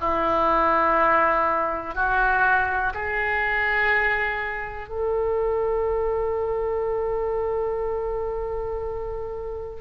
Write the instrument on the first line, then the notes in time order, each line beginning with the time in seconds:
oboe
0.00 E4
1.94 F#4
2.94 G#4
4.89 A4